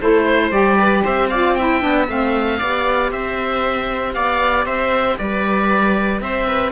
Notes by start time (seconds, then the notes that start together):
0.00 A3 E4 A4 C5
0.25 C5
0.51 G3 G4 D5
0.78 B4
1.03 C4 C5 E5
1.28 F4 D5 F5
1.54 E4 E5 G5
1.81 B3 D4
2.08 A3 C4 F5
2.58 B3 G4 D5
3.10 C4 C5 E5
4.13 B3 D5 F5
4.65 C4 C5 E5
5.18 G3 B4 D5
6.20 C4 C5 E5
6.47 B4